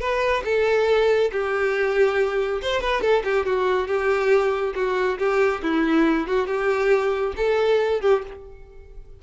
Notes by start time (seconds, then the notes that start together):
0.00 B4
0.45 A4
1.32 G4
2.62 C5
2.81 B4
3.01 A4
3.24 G4
3.46 F#4
3.88 G4
4.75 F#4
5.19 G4
5.63 E4
6.28 F#4
6.47 G4
7.37 A4
8.01 G4